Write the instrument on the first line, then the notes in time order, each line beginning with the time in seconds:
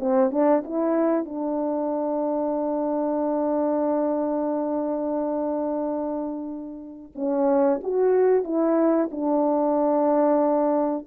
horn
0.00 C4
0.31 D4
0.65 E4
1.25 D4
7.16 C#4
7.84 F#4
8.45 E4
9.12 D4